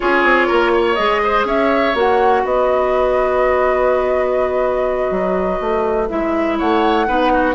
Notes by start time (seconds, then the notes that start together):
0.00 C#4 F4 G#4 C#5
0.23 C4
0.47 A#3 A#4
0.72 C#5
0.94 G#3 G#4 D#5
1.23 C5
1.45 C#4 C#5 E5
1.94 A#3 F#4 F#5
2.44 B3 B4 D#5
5.10 F#3
5.60 A3
6.09 G#3 E4 E5
6.57 A3 C#5 F#5
7.07 B3 D#4 B4
7.33 F#4